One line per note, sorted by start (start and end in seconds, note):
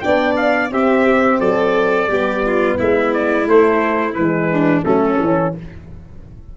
0.00 0.70 B3
0.00 0.71 D4
0.00 0.72 D5
0.00 0.34 G5
0.36 0.70 F5
0.70 1.39 C4
0.70 2.09 C4
0.70 1.39 G4
0.70 1.40 E5
1.39 2.07 F#3
1.39 2.08 A4
1.39 2.78 D5
2.07 2.76 G3
2.07 3.44 B3
2.07 2.43 G4
2.45 2.77 F4
2.77 3.47 G#3
2.77 4.50 E4
2.77 3.13 E5
3.13 3.47 D5
3.44 4.13 A3
3.44 4.15 A3
3.44 4.14 C5
4.14 4.84 E3
4.14 4.83 G#3
4.14 4.83 B4
4.51 4.85 D4
4.83 5.19 F#3
4.83 5.18 A3
4.83 5.54 C#4
4.83 5.54 A4
5.19 5.54 E3
5.19 5.57 C#4